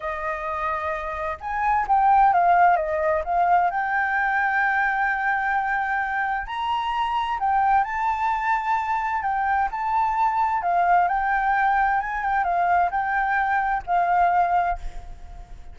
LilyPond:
\new Staff \with { instrumentName = "flute" } { \time 4/4 \tempo 4 = 130 dis''2. gis''4 | g''4 f''4 dis''4 f''4 | g''1~ | g''2 ais''2 |
g''4 a''2. | g''4 a''2 f''4 | g''2 gis''8 g''8 f''4 | g''2 f''2 | }